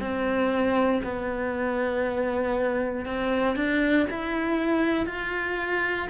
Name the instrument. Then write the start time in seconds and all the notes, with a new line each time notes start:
cello
0.00 C4
1.03 B3
3.05 C4
3.55 D4
4.10 E4
5.06 F4